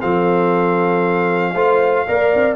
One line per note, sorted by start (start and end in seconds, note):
0.00 1.54 F3
0.00 1.54 C4
0.00 1.54 A4
0.00 2.56 F5
1.54 2.06 A3
1.54 2.07 F4
1.54 2.05 C5
2.07 2.34 A#3
2.07 2.56 A#4
2.07 2.56 D5
2.35 2.56 C4